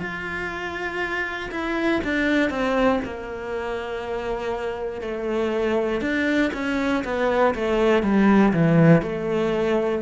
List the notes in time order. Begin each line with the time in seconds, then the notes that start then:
0.00 F4
1.51 E4
2.04 D4
2.50 C4
3.05 A#3
5.01 A3
6.01 D4
6.53 C#4
7.04 B3
7.55 A3
8.03 G3
8.53 E3
9.02 A3